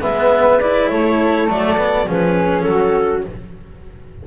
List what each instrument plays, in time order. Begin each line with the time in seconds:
0.00 double bass G#3, cello B3, flute B4, clarinet E5
0.60 cello E4, clarinet D5
0.89 double bass A3, flute A4, clarinet C#5
1.47 double bass F#3, cello A3, clarinet D5
1.77 cello B3
2.06 double bass F3, cello C#4, flute G#4, clarinet B4
2.62 double bass F#3, clarinet A4
2.68 flute F#4